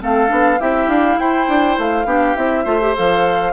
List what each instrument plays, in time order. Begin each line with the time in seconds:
0.00 bassoon A3, clarinet C4, oboe A4, flute F5
0.28 bassoon B3, clarinet D4
0.59 bassoon C4, clarinet E4, oboe G4, flute E5
0.87 bassoon D4, flute F5
1.18 bassoon E4, oboe C5, flute G5
1.47 bassoon D4
1.78 bassoon A3, flute F5
2.05 bassoon B3, clarinet D4, oboe G4
2.35 bassoon C4, clarinet E4, flute E5
2.64 bassoon A3, clarinet F4, oboe C5
2.81 clarinet G4
2.94 bassoon F3, clarinet A4, flute F5